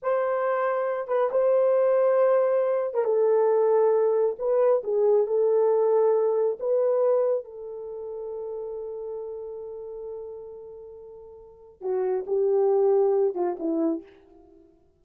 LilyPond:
\new Staff \with { instrumentName = "horn" } { \time 4/4 \tempo 4 = 137 c''2~ c''8 b'8 c''4~ | c''2~ c''8. ais'16 a'4~ | a'2 b'4 gis'4 | a'2. b'4~ |
b'4 a'2.~ | a'1~ | a'2. fis'4 | g'2~ g'8 f'8 e'4 | }